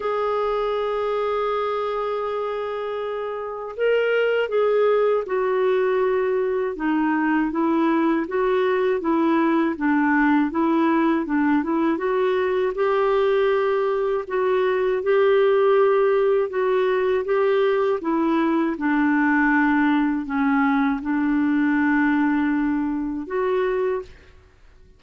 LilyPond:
\new Staff \with { instrumentName = "clarinet" } { \time 4/4 \tempo 4 = 80 gis'1~ | gis'4 ais'4 gis'4 fis'4~ | fis'4 dis'4 e'4 fis'4 | e'4 d'4 e'4 d'8 e'8 |
fis'4 g'2 fis'4 | g'2 fis'4 g'4 | e'4 d'2 cis'4 | d'2. fis'4 | }